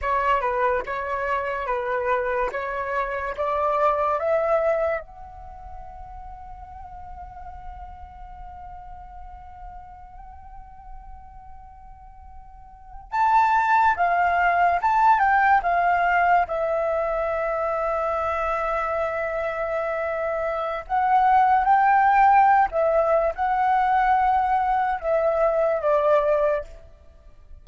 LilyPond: \new Staff \with { instrumentName = "flute" } { \time 4/4 \tempo 4 = 72 cis''8 b'8 cis''4 b'4 cis''4 | d''4 e''4 fis''2~ | fis''1~ | fis''2.~ fis''8. a''16~ |
a''8. f''4 a''8 g''8 f''4 e''16~ | e''1~ | e''4 fis''4 g''4~ g''16 e''8. | fis''2 e''4 d''4 | }